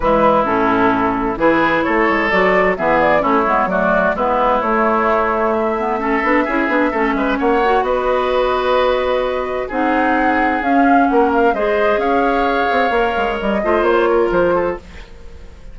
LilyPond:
<<
  \new Staff \with { instrumentName = "flute" } { \time 4/4 \tempo 4 = 130 b'4 a'2 b'4 | cis''4 d''4 e''8 d''8 cis''4 | d''4 b'4 cis''2 | e''1 |
fis''4 dis''2.~ | dis''4 fis''2 f''4 | fis''8 f''8 dis''4 f''2~ | f''4 dis''4 cis''4 c''4 | }
  \new Staff \with { instrumentName = "oboe" } { \time 4/4 e'2. gis'4 | a'2 gis'4 e'4 | fis'4 e'2.~ | e'4 a'4 gis'4 a'8 b'8 |
cis''4 b'2.~ | b'4 gis'2. | ais'4 c''4 cis''2~ | cis''4. c''4 ais'4 a'8 | }
  \new Staff \with { instrumentName = "clarinet" } { \time 4/4 gis4 cis'2 e'4~ | e'4 fis'4 b4 cis'8 b8 | a4 b4 a2~ | a8 b8 cis'8 d'8 e'8 d'8 cis'4~ |
cis'8 fis'2.~ fis'8~ | fis'4 dis'2 cis'4~ | cis'4 gis'2. | ais'4. f'2~ f'8 | }
  \new Staff \with { instrumentName = "bassoon" } { \time 4/4 e4 a,2 e4 | a8 gis8 fis4 e4 a8 gis8 | fis4 gis4 a2~ | a4. b8 cis'8 b8 a8 gis8 |
ais4 b2.~ | b4 c'2 cis'4 | ais4 gis4 cis'4. c'8 | ais8 gis8 g8 a8 ais4 f4 | }
>>